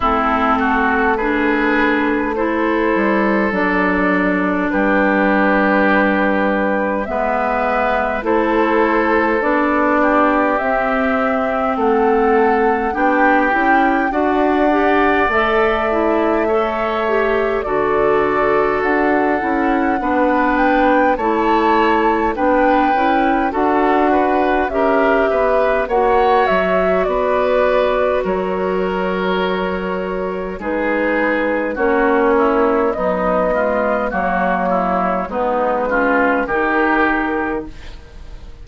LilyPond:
<<
  \new Staff \with { instrumentName = "flute" } { \time 4/4 \tempo 4 = 51 a'4 b'4 c''4 d''4 | b'2 e''4 c''4 | d''4 e''4 fis''4 g''4 | fis''4 e''2 d''4 |
fis''4. g''8 a''4 g''4 | fis''4 e''4 fis''8 e''8 d''4 | cis''2 b'4 cis''4 | dis''4 cis''4 b'4 ais'4 | }
  \new Staff \with { instrumentName = "oboe" } { \time 4/4 e'8 fis'8 gis'4 a'2 | g'2 b'4 a'4~ | a'8 g'4. a'4 g'4 | d''2 cis''4 a'4~ |
a'4 b'4 cis''4 b'4 | a'8 b'8 ais'8 b'8 cis''4 b'4 | ais'2 gis'4 fis'8 e'8 | dis'8 f'8 fis'8 e'8 dis'8 f'8 g'4 | }
  \new Staff \with { instrumentName = "clarinet" } { \time 4/4 c'4 d'4 e'4 d'4~ | d'2 b4 e'4 | d'4 c'2 d'8 e'8 | fis'8 g'8 a'8 e'8 a'8 g'8 fis'4~ |
fis'8 e'8 d'4 e'4 d'8 e'8 | fis'4 g'4 fis'2~ | fis'2 dis'4 cis'4 | fis8 gis8 ais4 b8 cis'8 dis'4 | }
  \new Staff \with { instrumentName = "bassoon" } { \time 4/4 a2~ a8 g8 fis4 | g2 gis4 a4 | b4 c'4 a4 b8 cis'8 | d'4 a2 d4 |
d'8 cis'8 b4 a4 b8 cis'8 | d'4 cis'8 b8 ais8 fis8 b4 | fis2 gis4 ais4 | b4 fis4 gis4 dis4 | }
>>